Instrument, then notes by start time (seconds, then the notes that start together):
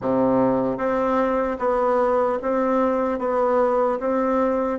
bassoon
0.01 C3
0.77 C4
1.58 B3
2.41 C4
3.18 B3
3.99 C4